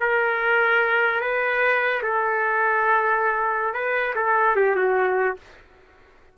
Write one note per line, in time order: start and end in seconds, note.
0.00 1.20 A#4
1.20 2.01 B4
2.02 3.74 A4
3.74 4.14 B4
4.15 4.55 A4
4.55 4.76 G4
4.76 5.36 F#4